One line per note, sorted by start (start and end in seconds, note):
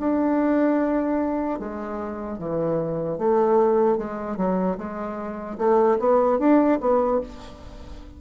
0.00 1.60 D4
1.60 2.39 G#3
2.39 3.19 E3
3.19 3.98 A3
3.98 4.37 G#3
4.37 4.77 F#3
4.78 5.58 G#3
5.59 5.99 A3
6.00 6.39 B3
6.39 6.79 D4
6.81 7.21 B3